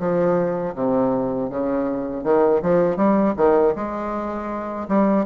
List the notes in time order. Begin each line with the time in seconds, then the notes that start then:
0.00 F3
0.75 C3
1.50 C#3
2.24 D#3
2.63 F3
2.97 G3
3.37 D#3
3.76 G#3
4.89 G3